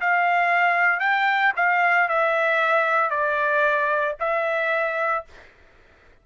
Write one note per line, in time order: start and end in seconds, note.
0.00 1.00 F5
1.00 1.52 G5
1.56 2.08 F5
2.08 3.10 E5
3.10 4.15 D5
4.19 5.24 E5